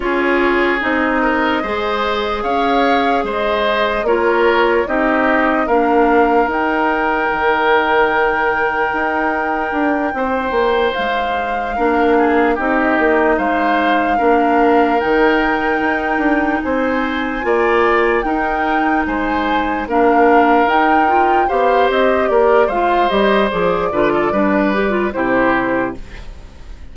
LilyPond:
<<
  \new Staff \with { instrumentName = "flute" } { \time 4/4 \tempo 4 = 74 cis''4 dis''2 f''4 | dis''4 cis''4 dis''4 f''4 | g''1~ | g''4. f''2 dis''8~ |
dis''8 f''2 g''4.~ | g''8 gis''2 g''4 gis''8~ | gis''8 f''4 g''4 f''8 dis''8 d''8 | f''8 dis''8 d''2 c''4 | }
  \new Staff \with { instrumentName = "oboe" } { \time 4/4 gis'4. ais'8 c''4 cis''4 | c''4 ais'4 g'4 ais'4~ | ais'1~ | ais'8 c''2 ais'8 gis'8 g'8~ |
g'8 c''4 ais'2~ ais'8~ | ais'8 c''4 d''4 ais'4 c''8~ | c''8 ais'2 c''4 ais'8 | c''4. b'16 a'16 b'4 g'4 | }
  \new Staff \with { instrumentName = "clarinet" } { \time 4/4 f'4 dis'4 gis'2~ | gis'4 f'4 dis'4 d'4 | dis'1~ | dis'2~ dis'8 d'4 dis'8~ |
dis'4. d'4 dis'4.~ | dis'4. f'4 dis'4.~ | dis'8 d'4 dis'8 f'8 g'4. | f'8 g'8 gis'8 f'8 d'8 g'16 f'16 e'4 | }
  \new Staff \with { instrumentName = "bassoon" } { \time 4/4 cis'4 c'4 gis4 cis'4 | gis4 ais4 c'4 ais4 | dis'4 dis2 dis'4 | d'8 c'8 ais8 gis4 ais4 c'8 |
ais8 gis4 ais4 dis4 dis'8 | d'8 c'4 ais4 dis'4 gis8~ | gis8 ais4 dis'4 b8 c'8 ais8 | gis8 g8 f8 d8 g4 c4 | }
>>